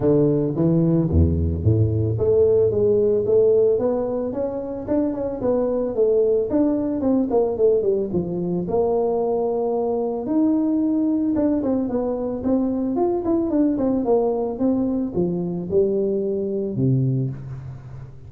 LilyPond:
\new Staff \with { instrumentName = "tuba" } { \time 4/4 \tempo 4 = 111 d4 e4 e,4 a,4 | a4 gis4 a4 b4 | cis'4 d'8 cis'8 b4 a4 | d'4 c'8 ais8 a8 g8 f4 |
ais2. dis'4~ | dis'4 d'8 c'8 b4 c'4 | f'8 e'8 d'8 c'8 ais4 c'4 | f4 g2 c4 | }